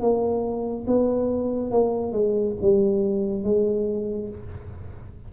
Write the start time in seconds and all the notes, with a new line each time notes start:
0.00 A#3
0.87 B3
1.71 A#3
2.12 G#3
2.61 G3
3.43 G#3